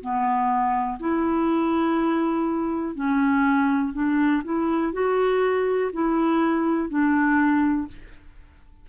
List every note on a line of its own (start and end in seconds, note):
0.00 0.98 B3
0.99 2.95 E4
2.95 3.93 C#4
3.93 4.42 D4
4.44 4.93 E4
4.93 5.91 F#4
5.92 6.89 E4
6.89 7.87 D4